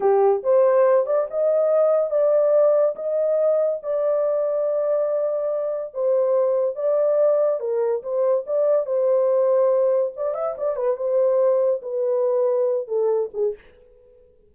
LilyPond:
\new Staff \with { instrumentName = "horn" } { \time 4/4 \tempo 4 = 142 g'4 c''4. d''8 dis''4~ | dis''4 d''2 dis''4~ | dis''4 d''2.~ | d''2 c''2 |
d''2 ais'4 c''4 | d''4 c''2. | d''8 e''8 d''8 b'8 c''2 | b'2~ b'8 a'4 gis'8 | }